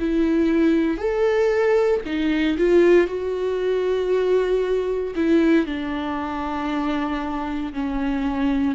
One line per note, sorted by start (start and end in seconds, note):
0.00 0.98 E4
0.98 2.01 A4
2.06 2.58 D#4
2.58 3.08 F4
3.08 5.14 F#4
5.16 5.67 E4
5.67 7.74 D4
7.74 8.76 C#4